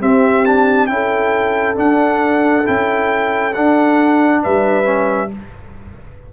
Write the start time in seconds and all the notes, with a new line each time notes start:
0.00 C4 G4 E5
0.45 D4 A5
0.86 C#4 E4 G5
0.93 A4
1.75 D4 F#5
2.64 C#4 E4 G5
3.53 D4 F#5
4.42 G3 B4 E5
4.84 C#4